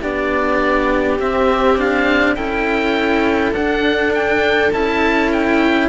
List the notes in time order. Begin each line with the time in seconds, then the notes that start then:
0.00 B3 D4 G4 D5
1.19 C4 E5
1.77 D4 F5
2.35 C#4 E4 A4 G5
3.52 D4 F#5
4.13 G5
4.72 C#4 E4 A5
5.32 G5